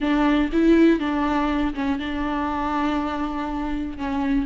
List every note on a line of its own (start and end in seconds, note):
0.00 0.50 D4
0.52 0.99 E4
0.99 1.74 D4
1.74 1.99 C#4
1.99 3.97 D4
3.97 4.46 C#4